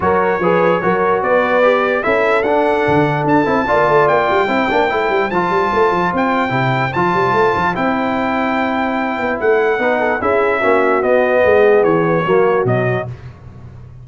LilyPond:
<<
  \new Staff \with { instrumentName = "trumpet" } { \time 4/4 \tempo 4 = 147 cis''2. d''4~ | d''4 e''4 fis''2 | a''2 g''2~ | g''4 a''2 g''4~ |
g''4 a''2 g''4~ | g''2. fis''4~ | fis''4 e''2 dis''4~ | dis''4 cis''2 dis''4 | }
  \new Staff \with { instrumentName = "horn" } { \time 4/4 ais'4 b'4 ais'4 b'4~ | b'4 a'2.~ | a'4 d''2 c''4~ | c''1~ |
c''1~ | c''1 | b'8 a'8 gis'4 fis'2 | gis'2 fis'2 | }
  \new Staff \with { instrumentName = "trombone" } { \time 4/4 fis'4 gis'4 fis'2 | g'4 e'4 d'2~ | d'8 e'8 f'2 e'8 d'8 | e'4 f'2. |
e'4 f'2 e'4~ | e'1 | dis'4 e'4 cis'4 b4~ | b2 ais4 fis4 | }
  \new Staff \with { instrumentName = "tuba" } { \time 4/4 fis4 f4 fis4 b4~ | b4 cis'4 d'4 d4 | d'8 c'8 ais8 a8 ais8 g8 c'8 ais8 | a8 g8 f8 g8 a8 f8 c'4 |
c4 f8 g8 a8 f8 c'4~ | c'2~ c'8 b8 a4 | b4 cis'4 ais4 b4 | gis4 e4 fis4 b,4 | }
>>